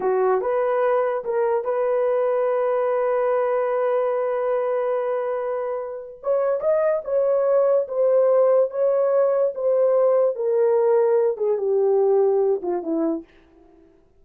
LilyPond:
\new Staff \with { instrumentName = "horn" } { \time 4/4 \tempo 4 = 145 fis'4 b'2 ais'4 | b'1~ | b'1~ | b'2. cis''4 |
dis''4 cis''2 c''4~ | c''4 cis''2 c''4~ | c''4 ais'2~ ais'8 gis'8 | g'2~ g'8 f'8 e'4 | }